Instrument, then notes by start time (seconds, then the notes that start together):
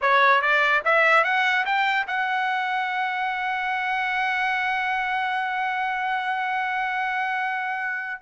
trumpet
0.01 C#5
0.41 D5
0.84 E5
1.23 F#5
1.65 G5
2.07 F#5